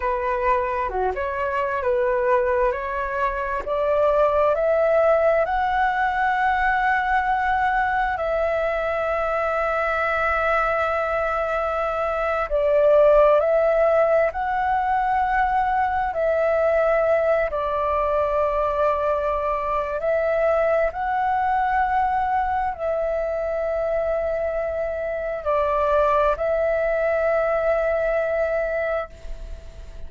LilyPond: \new Staff \with { instrumentName = "flute" } { \time 4/4 \tempo 4 = 66 b'4 fis'16 cis''8. b'4 cis''4 | d''4 e''4 fis''2~ | fis''4 e''2.~ | e''4.~ e''16 d''4 e''4 fis''16~ |
fis''4.~ fis''16 e''4. d''8.~ | d''2 e''4 fis''4~ | fis''4 e''2. | d''4 e''2. | }